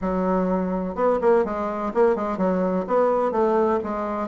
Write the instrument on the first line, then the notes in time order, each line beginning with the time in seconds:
bassoon
0.01 F#3
0.95 B3
1.21 A#3
1.45 G#3
1.94 A#3
2.15 G#3
2.37 F#3
2.87 B3
3.31 A3
3.83 G#3